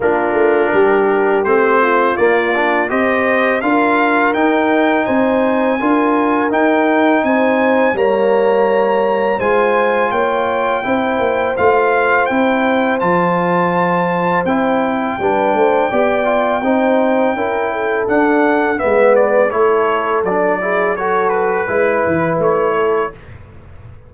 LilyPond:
<<
  \new Staff \with { instrumentName = "trumpet" } { \time 4/4 \tempo 4 = 83 ais'2 c''4 d''4 | dis''4 f''4 g''4 gis''4~ | gis''4 g''4 gis''4 ais''4~ | ais''4 gis''4 g''2 |
f''4 g''4 a''2 | g''1~ | g''4 fis''4 e''8 d''8 cis''4 | d''4 cis''8 b'4. cis''4 | }
  \new Staff \with { instrumentName = "horn" } { \time 4/4 f'4 g'4. f'4. | c''4 ais'2 c''4 | ais'2 c''4 cis''4~ | cis''4 c''4 cis''4 c''4~ |
c''1~ | c''4 b'8 c''8 d''4 c''4 | ais'8 a'4. b'4 a'4~ | a'8 gis'8 a'4 b'4. a'8 | }
  \new Staff \with { instrumentName = "trombone" } { \time 4/4 d'2 c'4 ais8 d'8 | g'4 f'4 dis'2 | f'4 dis'2 ais4~ | ais4 f'2 e'4 |
f'4 e'4 f'2 | e'4 d'4 g'8 f'8 dis'4 | e'4 d'4 b4 e'4 | d'8 e'8 fis'4 e'2 | }
  \new Staff \with { instrumentName = "tuba" } { \time 4/4 ais8 a8 g4 a4 ais4 | c'4 d'4 dis'4 c'4 | d'4 dis'4 c'4 g4~ | g4 gis4 ais4 c'8 ais8 |
a4 c'4 f2 | c'4 g8 a8 b4 c'4 | cis'4 d'4 gis4 a4 | fis2 gis8 e8 a4 | }
>>